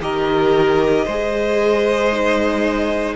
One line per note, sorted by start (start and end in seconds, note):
0.00 1.05 D#3
0.00 1.07 G4
0.00 1.05 A#4
0.00 3.16 D#5
1.05 3.16 G#3
1.05 2.12 G#4
1.05 3.15 C5
2.12 3.16 D#4